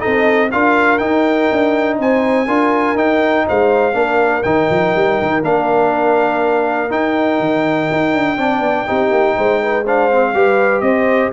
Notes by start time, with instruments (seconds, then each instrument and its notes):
0.00 trombone D#4, horn A4, trumpet D#5
0.06 tuba C4
0.52 tuba D4, trombone F4, horn A#4, trumpet F5
0.99 trombone D#4, tuba D#4, trumpet G5
1.52 tuba D4
1.99 tuba C4, horn C5, trumpet G#5
2.47 tuba D4, trombone F4, horn A#4
2.95 tuba D#4, trombone D#4, trumpet G5
3.47 tuba G#3, horn C5, trumpet F5
3.94 tuba A#3, trombone D4, horn A#4
4.44 tuba D#3, trombone D#4, trumpet G5
4.70 tuba F3
4.96 tuba G3
5.22 tuba D#3
5.43 tuba A#3, trombone D4, trumpet F5
6.90 trombone D#4, tuba D#4, trumpet G5
7.40 tuba D#3
7.92 tuba D#4
8.14 tuba D4
8.38 tuba C4, trombone D4, horn D5
8.60 tuba B3
8.87 tuba C4, trombone D#4, horn G4
9.11 tuba A#3
9.37 tuba G#3, horn C5
9.63 horn B4
9.84 trombone D4, horn C5, trumpet F5
10.12 trombone C4
10.35 tuba G3, trombone G4, horn B4
10.81 tuba C4, horn C5, trumpet D#5